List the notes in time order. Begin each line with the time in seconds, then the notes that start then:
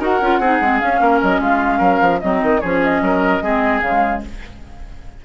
0.00 D#4 F#4 A#4 F#5
0.22 C#4 F4
0.40 C4 D#4 G#4
0.61 G#3 C4
0.80 C#4 F5
1.01 A#3 A#4
1.22 F#3 D#5
1.40 G#3 F4 F5
1.79 F#3 A#4
2.01 F3
2.21 F#3 C4 D#4 D#5
2.43 D#3
2.60 F3 C#4 G#4 C#5
2.83 D#5
3.01 F#3 A#4
3.42 G#3 C4 G#4
3.82 C#3 G#3 F5